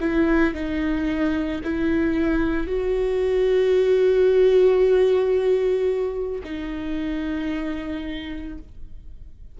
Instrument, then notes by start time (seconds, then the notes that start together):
viola
0.00 E4
0.54 D#4
1.64 E4
2.66 F#4
6.43 D#4